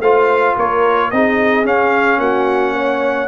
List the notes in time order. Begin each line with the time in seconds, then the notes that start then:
0.00 A3 F4 C5 F5
0.56 A#3 A#4 C#5
1.11 C4 D#4 G#4 D#5
1.64 C#4 F5
2.18 A#3 F#4 F#5
2.74 C#5